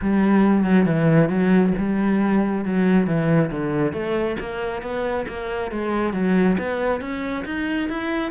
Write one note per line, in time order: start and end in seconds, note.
0.01 0.64 G3
0.64 0.85 F#3
0.85 1.29 E3
1.29 1.73 F#3
1.77 2.65 G3
2.65 3.06 F#3
3.06 3.50 E3
3.50 3.92 D3
3.92 4.36 A3
4.39 4.82 A#3
4.82 5.26 B3
5.28 5.71 A#3
5.71 6.13 G#3
6.13 6.57 F#3
6.58 7.00 B3
7.00 7.44 C#4
7.45 7.89 D#4
7.89 8.31 E4